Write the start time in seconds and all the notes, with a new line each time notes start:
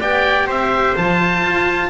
0.00 B3 G4 D5 G5
0.47 C4 C5 E5
0.96 F3 F4 A5
1.46 F4